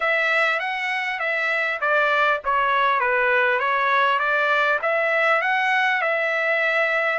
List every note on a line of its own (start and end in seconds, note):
0.00 0.59 E5
0.59 1.19 F#5
1.19 1.79 E5
1.81 2.41 D5
2.44 3.00 C#5
3.00 3.59 B4
3.59 4.19 C#5
4.19 4.79 D5
4.82 5.41 E5
5.41 6.01 F#5
6.01 7.18 E5